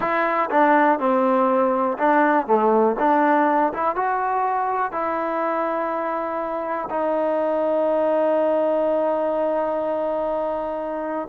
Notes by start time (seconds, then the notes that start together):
0.00 E4
0.50 D4
0.99 C4
1.98 D4
2.46 A3
2.99 D4
3.73 E4
3.95 F#4
4.92 E4
6.90 D#4